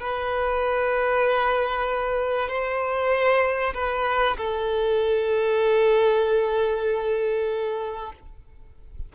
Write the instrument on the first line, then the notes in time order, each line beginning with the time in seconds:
violin
0.00 B4
2.49 C5
3.74 B4
4.38 A4